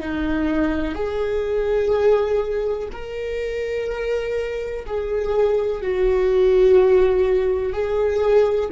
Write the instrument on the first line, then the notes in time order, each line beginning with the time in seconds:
viola
0.00 D#4
0.95 G#4
2.92 A#4
4.86 G#4
5.82 F#4
7.73 G#4